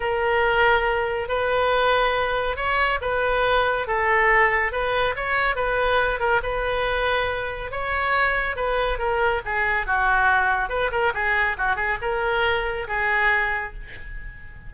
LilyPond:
\new Staff \with { instrumentName = "oboe" } { \time 4/4 \tempo 4 = 140 ais'2. b'4~ | b'2 cis''4 b'4~ | b'4 a'2 b'4 | cis''4 b'4. ais'8 b'4~ |
b'2 cis''2 | b'4 ais'4 gis'4 fis'4~ | fis'4 b'8 ais'8 gis'4 fis'8 gis'8 | ais'2 gis'2 | }